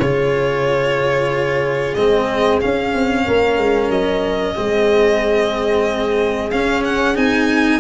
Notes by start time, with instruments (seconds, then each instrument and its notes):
0.00 tuba C#3, cello F4, horn G#4, violin C#5
1.95 tuba G#3, cello C4, violin D#5
2.62 cello C#4, tuba C#4, violin F5
2.95 tuba C4
3.25 tuba A#3, horn A#4
3.58 tuba G#3
3.90 tuba F#3, violin D#5
4.56 tuba G#3, cello C4, horn G#4
6.51 tuba C#4, cello C#4, violin F5
6.85 violin F#5
7.15 tuba C4, cello D#4, violin G#5